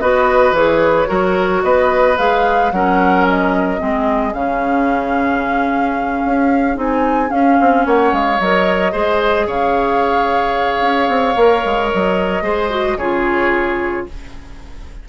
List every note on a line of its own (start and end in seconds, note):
0.00 0.51 B3
0.00 0.55 F#4
0.00 1.08 B4
0.00 0.54 D#5
0.51 1.05 E3
0.51 1.06 G#4
0.51 1.63 C#5
1.06 1.63 F#3
1.06 2.15 F#4
1.06 1.62 A#4
1.63 2.17 B3
1.63 2.73 B4
1.63 2.17 D#5
2.17 2.72 G#3
2.17 2.71 G#4
2.17 2.71 F5
2.71 3.80 F#3
2.71 3.78 C#4
2.71 3.80 A#4
2.71 3.25 F#5
3.28 4.33 D#5
3.78 4.33 G#3
3.78 4.32 C4
3.78 7.85 G#4
4.33 6.22 C#3
4.33 6.75 C#4
4.33 6.77 F5
6.25 6.76 C#4
6.75 7.30 C4
6.75 7.28 D#4
6.75 7.31 G#5
7.28 8.36 C#4
7.28 7.58 C#4
7.28 7.85 F5
7.60 7.85 C4
7.85 8.12 A#3
7.85 8.92 C#5
7.85 8.14 F#5
8.12 8.39 G#3
8.12 8.40 F5
8.40 8.93 F#3
8.40 8.92 A#4
8.40 9.48 D#5
8.92 9.47 G#3
8.92 11.35 G#4
8.92 9.46 C5
9.47 10.81 C#3
9.47 12.43 C#5
9.47 11.91 F5
10.81 11.08 C#4
11.08 11.35 C4
11.35 11.62 A#3
11.35 12.43 A#4
11.65 11.92 G#3
11.91 12.42 F#3
11.91 12.98 D#5
12.42 12.96 G#3
12.42 12.70 G#4
12.42 12.97 C5
12.70 12.97 F#4
12.97 14.05 C#3
12.97 14.08 F4
12.97 14.06 G#4
12.97 14.06 C#5